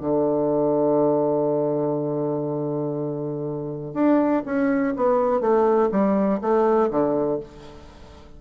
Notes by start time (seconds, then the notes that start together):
0.00 D3
3.94 D4
4.45 C#4
4.96 B3
5.40 A3
5.91 G3
6.41 A3
6.90 D3